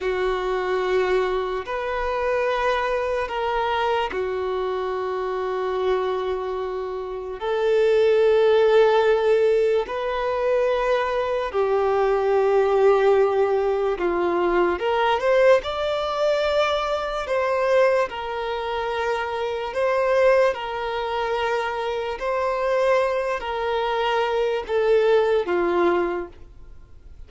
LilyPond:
\new Staff \with { instrumentName = "violin" } { \time 4/4 \tempo 4 = 73 fis'2 b'2 | ais'4 fis'2.~ | fis'4 a'2. | b'2 g'2~ |
g'4 f'4 ais'8 c''8 d''4~ | d''4 c''4 ais'2 | c''4 ais'2 c''4~ | c''8 ais'4. a'4 f'4 | }